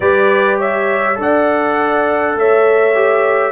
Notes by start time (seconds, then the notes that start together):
0.00 G3 G4 B4 D5
0.58 C#5 E5
1.15 D4 A4 D5
1.21 F#5
2.35 A3 C#5 E5
2.94 G4